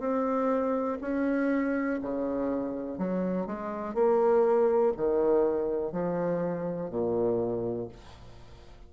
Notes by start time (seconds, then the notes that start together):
0.00 C4
1.01 C#4
2.02 C#3
2.98 F#3
3.46 G#3
3.94 A#3
4.97 D#3
5.92 F3
6.90 A#2